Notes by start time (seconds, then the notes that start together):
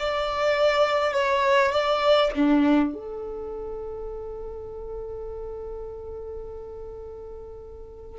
0.00 D5
1.13 C#5
1.72 D5
2.36 D4
2.94 A4